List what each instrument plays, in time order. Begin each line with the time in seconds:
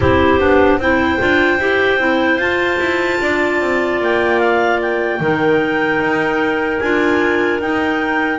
0.00 double bass C4, clarinet E4 G4 C5
0.39 double bass B3, clarinet D4
0.78 double bass C4, clarinet E4 C5 G5
1.19 double bass D4, clarinet F4
1.58 double bass E4, clarinet G4
1.97 double bass C4, clarinet E4
2.37 double bass F4, clarinet F4 A5
2.78 double bass E4
3.20 double bass D4, clarinet D5
3.60 double bass C4
4.00 double bass A#3, clarinet G5
4.39 clarinet F5
4.81 clarinet G5
5.20 double bass D#3, clarinet D#4 A#4
5.99 double bass D#4
6.79 double bass D4, clarinet F4 G#5
7.60 clarinet D#4 G5, double bass D#4